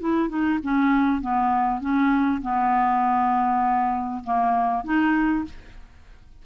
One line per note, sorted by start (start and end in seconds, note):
0.00 0.29 E4
0.29 0.59 D#4
0.63 1.21 C#4
1.21 1.81 B3
1.81 2.42 C#4
2.42 4.24 B3
4.24 4.84 A#3
4.84 5.45 D#4